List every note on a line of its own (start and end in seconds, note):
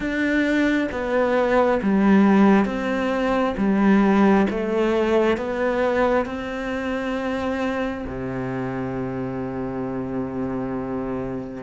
0.00 0.88 D4
0.91 1.81 B3
1.82 2.65 G3
2.65 3.55 C4
3.57 4.47 G3
4.49 5.37 A3
5.37 6.25 B3
6.25 8.04 C4
8.07 11.63 C3